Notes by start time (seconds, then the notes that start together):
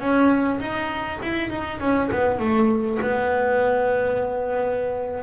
0.00 C#4
0.60 D#4
1.23 E4
1.50 D#4
1.80 C#4
2.12 B3
2.40 A3
3.02 B3